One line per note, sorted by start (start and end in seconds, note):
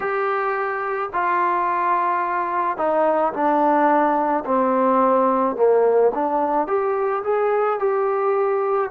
0.00 1.09 G4
1.13 2.77 F4
2.77 3.32 D#4
3.33 4.44 D4
4.45 5.56 C4
5.56 6.11 A#3
6.14 6.67 D4
6.67 7.22 G4
7.23 7.79 G#4
7.79 8.90 G4